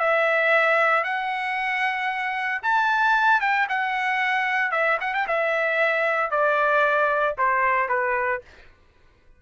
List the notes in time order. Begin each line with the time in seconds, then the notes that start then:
0.00 E5
1.04 F#5
2.63 A5
3.41 G5
3.69 F#5
4.72 E5
5.01 F#5
5.14 G5
5.28 E5
6.31 D5
7.38 C5
7.89 B4